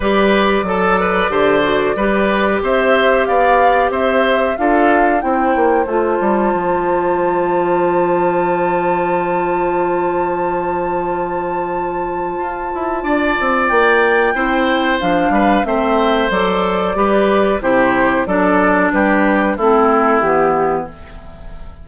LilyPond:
<<
  \new Staff \with { instrumentName = "flute" } { \time 4/4 \tempo 4 = 92 d''1 | e''4 f''4 e''4 f''4 | g''4 a''2.~ | a''1~ |
a''1~ | a''4 g''2 f''4 | e''4 d''2 c''4 | d''4 b'4 a'4 g'4 | }
  \new Staff \with { instrumentName = "oboe" } { \time 4/4 b'4 a'8 b'8 c''4 b'4 | c''4 d''4 c''4 a'4 | c''1~ | c''1~ |
c''1 | d''2 c''4. b'8 | c''2 b'4 g'4 | a'4 g'4 e'2 | }
  \new Staff \with { instrumentName = "clarinet" } { \time 4/4 g'4 a'4 g'8 fis'8 g'4~ | g'2. f'4 | e'4 f'2.~ | f'1~ |
f'1~ | f'2 e'4 d'4 | c'4 a'4 g'4 e'4 | d'2 c'4 b4 | }
  \new Staff \with { instrumentName = "bassoon" } { \time 4/4 g4 fis4 d4 g4 | c'4 b4 c'4 d'4 | c'8 ais8 a8 g8 f2~ | f1~ |
f2. f'8 e'8 | d'8 c'8 ais4 c'4 f8 g8 | a4 fis4 g4 c4 | fis4 g4 a4 e4 | }
>>